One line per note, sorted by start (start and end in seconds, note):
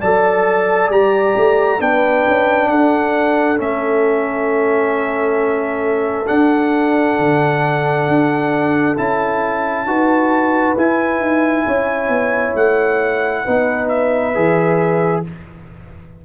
0.00 0.89 F#3
0.00 0.92 A4
0.00 1.79 D5
0.00 0.90 A5
0.89 1.34 G3
0.89 1.78 G4
0.89 1.81 A#5
1.36 1.80 A3
1.78 2.25 B3
1.78 3.56 D4
1.78 2.69 B4
1.78 2.68 G5
2.27 2.70 C#4
2.68 3.59 D4
2.68 9.87 A4
2.68 3.58 F#5
3.56 6.28 A3
3.56 6.25 C#4
3.56 6.27 E5
6.27 8.95 D4
6.27 7.19 D4
6.27 8.96 F#5
7.19 8.08 D3
8.08 8.97 D4
8.97 9.86 C#4
8.97 9.87 E4
8.97 10.76 A5
9.86 10.75 D#4
9.86 10.76 F#4
9.86 11.66 B4
10.76 11.19 E4
10.76 13.46 E4
10.76 12.56 G#5
11.19 11.64 D#4
11.66 12.08 C#4
11.66 13.44 C#5
12.08 12.53 B3
12.54 13.44 A3
12.54 13.88 F#5
13.44 14.36 B3
13.44 14.34 D#4
13.44 15.23 B4
13.88 15.23 E5
14.34 15.25 E3
14.34 15.24 G#4